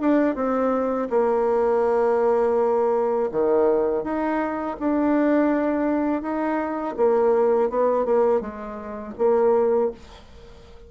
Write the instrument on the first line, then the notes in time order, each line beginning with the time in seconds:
bassoon
0.00 D4
0.35 C4
1.09 A#3
3.31 D#3
4.03 D#4
4.79 D4
6.22 D#4
6.96 A#3
7.69 B3
8.05 A#3
8.40 G#3
9.18 A#3